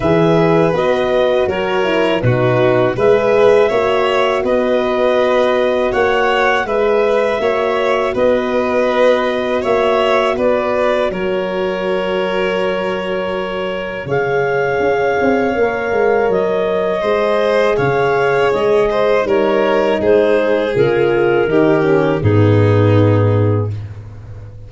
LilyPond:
<<
  \new Staff \with { instrumentName = "clarinet" } { \time 4/4 \tempo 4 = 81 e''4 dis''4 cis''4 b'4 | e''2 dis''2 | fis''4 e''2 dis''4~ | dis''4 e''4 d''4 cis''4~ |
cis''2. f''4~ | f''2 dis''2 | f''4 dis''4 cis''4 c''4 | ais'2 gis'2 | }
  \new Staff \with { instrumentName = "violin" } { \time 4/4 b'2 ais'4 fis'4 | b'4 cis''4 b'2 | cis''4 b'4 cis''4 b'4~ | b'4 cis''4 b'4 ais'4~ |
ais'2. cis''4~ | cis''2. c''4 | cis''4. c''8 ais'4 gis'4~ | gis'4 g'4 dis'2 | }
  \new Staff \with { instrumentName = "horn" } { \time 4/4 gis'4 fis'4. e'8 dis'4 | gis'4 fis'2.~ | fis'4 gis'4 fis'2~ | fis'1~ |
fis'2. gis'4~ | gis'4 ais'2 gis'4~ | gis'2 dis'2 | f'4 dis'8 cis'8 b2 | }
  \new Staff \with { instrumentName = "tuba" } { \time 4/4 e4 b4 fis4 b,4 | gis4 ais4 b2 | ais4 gis4 ais4 b4~ | b4 ais4 b4 fis4~ |
fis2. cis4 | cis'8 c'8 ais8 gis8 fis4 gis4 | cis4 gis4 g4 gis4 | cis4 dis4 gis,2 | }
>>